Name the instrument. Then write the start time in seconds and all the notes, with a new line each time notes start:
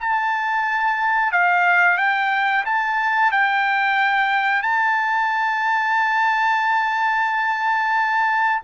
trumpet
0.00 A5
1.32 F5
1.97 G5
2.65 A5
3.32 G5
4.62 A5